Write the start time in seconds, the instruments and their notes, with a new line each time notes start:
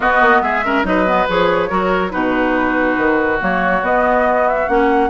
0.00 bassoon B3, clarinet B3, oboe F#4, flute D#5
0.20 bassoon A#3
0.41 bassoon G#3, oboe G#4, flute E5
0.64 clarinet C#4, oboe A#4
0.83 bassoon F#3, clarinet D#4, oboe B4, flute D#5
1.06 clarinet B3
1.28 bassoon F3, clarinet G#4, flute C#5
1.69 bassoon F#3, clarinet F#4, oboe A#4
2.10 bassoon B2, clarinet D#4, oboe F#4, flute B4
2.97 bassoon D#3
3.40 bassoon F#3, clarinet A#3, flute C#5
3.82 bassoon B3, clarinet B3, flute D#5
4.48 flute E5
4.68 bassoon A#3, clarinet C#4, flute F#5